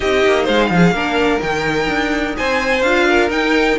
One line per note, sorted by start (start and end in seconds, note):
0.00 0.25 C4
0.00 0.92 D#4
0.00 0.43 G4
0.00 0.45 D#5
0.25 0.48 A#3
0.43 0.70 G#3
0.43 0.67 C5
0.43 1.40 F5
0.70 0.91 F3
0.70 0.94 G#4
0.91 1.38 A#3
0.91 1.40 D4
0.91 2.36 A#4
1.40 1.87 D#3
1.40 2.82 D#4
1.40 2.35 G5
1.87 2.34 D4
2.37 2.82 C4
2.37 3.07 C5
2.37 2.82 G#5
2.82 3.29 D4
2.82 3.29 F4
2.82 3.29 F5
3.08 3.79 A#4
3.29 3.76 D#4
3.29 3.77 D#4
3.29 3.78 G5